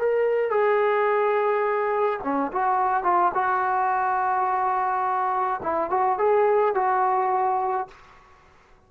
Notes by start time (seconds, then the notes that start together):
0.00 A#4
0.50 G#4
2.24 C#4
2.52 F#4
3.04 F4
3.34 F#4
5.63 E4
5.90 F#4
6.19 G#4
6.75 F#4